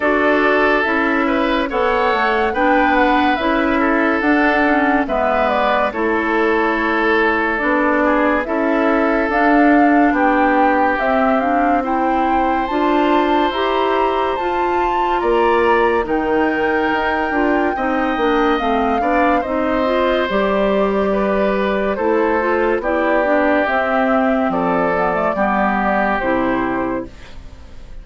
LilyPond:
<<
  \new Staff \with { instrumentName = "flute" } { \time 4/4 \tempo 4 = 71 d''4 e''4 fis''4 g''8 fis''8 | e''4 fis''4 e''8 d''8 cis''4~ | cis''4 d''4 e''4 f''4 | g''4 e''8 f''8 g''4 a''4 |
ais''4 a''4 ais''4 g''4~ | g''2 f''4 dis''4 | d''2 c''4 d''4 | e''4 d''2 c''4 | }
  \new Staff \with { instrumentName = "oboe" } { \time 4/4 a'4. b'8 cis''4 b'4~ | b'8 a'4. b'4 a'4~ | a'4. gis'8 a'2 | g'2 c''2~ |
c''2 d''4 ais'4~ | ais'4 dis''4. d''8 c''4~ | c''4 b'4 a'4 g'4~ | g'4 a'4 g'2 | }
  \new Staff \with { instrumentName = "clarinet" } { \time 4/4 fis'4 e'4 a'4 d'4 | e'4 d'8 cis'8 b4 e'4~ | e'4 d'4 e'4 d'4~ | d'4 c'8 d'8 e'4 f'4 |
g'4 f'2 dis'4~ | dis'8 f'8 dis'8 d'8 c'8 d'8 dis'8 f'8 | g'2 e'8 f'8 e'8 d'8 | c'4. b16 a16 b4 e'4 | }
  \new Staff \with { instrumentName = "bassoon" } { \time 4/4 d'4 cis'4 b8 a8 b4 | cis'4 d'4 gis4 a4~ | a4 b4 cis'4 d'4 | b4 c'2 d'4 |
e'4 f'4 ais4 dis4 | dis'8 d'8 c'8 ais8 a8 b8 c'4 | g2 a4 b4 | c'4 f4 g4 c4 | }
>>